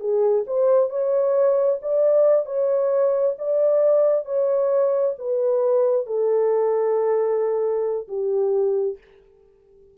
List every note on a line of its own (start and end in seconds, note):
0.00 0.45 G#4
0.47 0.90 C5
0.90 1.79 C#5
1.82 2.45 D5
2.45 3.35 C#5
3.38 4.25 D5
4.25 5.15 C#5
5.18 6.06 B4
6.06 8.08 A4
8.08 8.97 G4